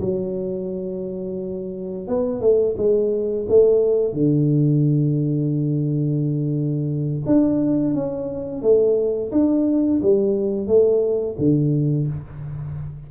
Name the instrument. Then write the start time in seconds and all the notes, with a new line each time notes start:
tuba
0.00 F#3
2.07 B3
2.40 A3
2.77 G#3
3.49 A3
4.13 D3
7.26 D4
7.94 C#4
8.62 A3
9.31 D4
10.02 G3
10.67 A3
11.38 D3